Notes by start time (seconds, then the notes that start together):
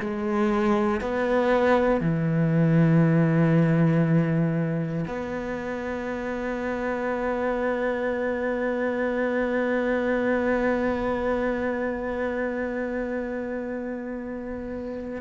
0.00 G#3
1.01 B3
2.01 E3
5.07 B3